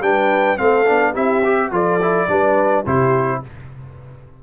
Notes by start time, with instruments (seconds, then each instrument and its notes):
0.00 tuba G3, trombone D4, horn B4, trumpet G5
0.57 tuba A3, trombone C4, horn A4, trumpet F5
0.86 tuba B3, trombone D4
1.12 tuba C4, trombone E4, horn G4, trumpet E5
1.44 trombone G4
1.71 tuba F3, trombone F4, horn A4, trumpet D5
2.02 trombone E4
2.28 tuba G3, trombone D4, horn B4
2.85 tuba C3, trombone E4, horn G4, trumpet C5